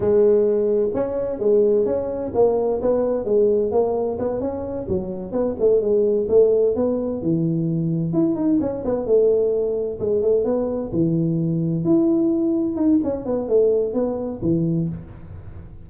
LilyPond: \new Staff \with { instrumentName = "tuba" } { \time 4/4 \tempo 4 = 129 gis2 cis'4 gis4 | cis'4 ais4 b4 gis4 | ais4 b8 cis'4 fis4 b8 | a8 gis4 a4 b4 e8~ |
e4. e'8 dis'8 cis'8 b8 a8~ | a4. gis8 a8 b4 e8~ | e4. e'2 dis'8 | cis'8 b8 a4 b4 e4 | }